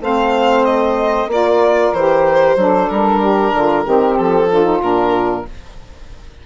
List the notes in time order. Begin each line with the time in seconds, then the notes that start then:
0.00 A3 C4 C5 F5
0.64 D#5
1.27 A#3 F4 A#4 D5
1.93 E3 G4 C5
2.56 F#3 D4 A4
2.89 G3 A#4
3.20 G4
3.52 D3 F4
3.83 D#3 C4 G4
4.16 F3 A4
4.49 D4 F4
4.63 D#4
4.81 A#2 D4 A#4